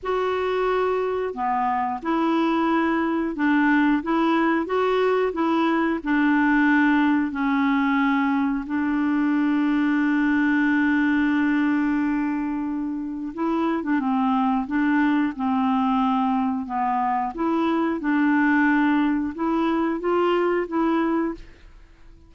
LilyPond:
\new Staff \with { instrumentName = "clarinet" } { \time 4/4 \tempo 4 = 90 fis'2 b4 e'4~ | e'4 d'4 e'4 fis'4 | e'4 d'2 cis'4~ | cis'4 d'2.~ |
d'1 | e'8. d'16 c'4 d'4 c'4~ | c'4 b4 e'4 d'4~ | d'4 e'4 f'4 e'4 | }